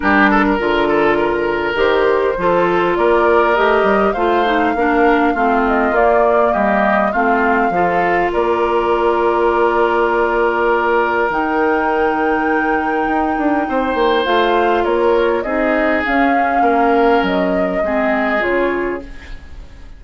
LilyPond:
<<
  \new Staff \with { instrumentName = "flute" } { \time 4/4 \tempo 4 = 101 ais'2. c''4~ | c''4 d''4 dis''4 f''4~ | f''4. dis''8 d''4 dis''4 | f''2 d''2~ |
d''2. g''4~ | g''1 | f''4 cis''4 dis''4 f''4~ | f''4 dis''2 cis''4 | }
  \new Staff \with { instrumentName = "oboe" } { \time 4/4 g'8 a'16 ais'8. a'8 ais'2 | a'4 ais'2 c''4 | ais'4 f'2 g'4 | f'4 a'4 ais'2~ |
ais'1~ | ais'2. c''4~ | c''4 ais'4 gis'2 | ais'2 gis'2 | }
  \new Staff \with { instrumentName = "clarinet" } { \time 4/4 d'4 f'2 g'4 | f'2 g'4 f'8 dis'8 | d'4 c'4 ais2 | c'4 f'2.~ |
f'2. dis'4~ | dis'1 | f'2 dis'4 cis'4~ | cis'2 c'4 f'4 | }
  \new Staff \with { instrumentName = "bassoon" } { \time 4/4 g4 d2 dis4 | f4 ais4 a8 g8 a4 | ais4 a4 ais4 g4 | a4 f4 ais2~ |
ais2. dis4~ | dis2 dis'8 d'8 c'8 ais8 | a4 ais4 c'4 cis'4 | ais4 fis4 gis4 cis4 | }
>>